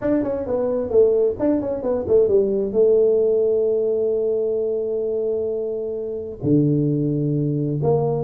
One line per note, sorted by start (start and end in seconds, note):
0.01 0.23 D4
0.23 0.46 C#4
0.46 0.90 B3
0.90 1.36 A3
1.39 1.60 D4
1.60 1.82 C#4
1.82 2.05 B3
2.07 2.28 A3
2.28 2.72 G3
2.72 6.38 A3
6.43 7.80 D3
7.82 8.23 A#3